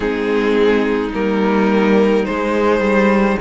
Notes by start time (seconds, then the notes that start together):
0.00 G#3 C4 D#4 G#4
1.13 G3 A#3 A#4
2.25 G#3 C5
2.79 G3